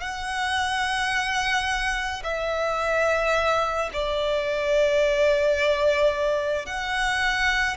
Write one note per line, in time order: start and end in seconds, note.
0.00 2.22 F#5
2.23 3.90 E5
3.92 6.65 D5
6.65 7.76 F#5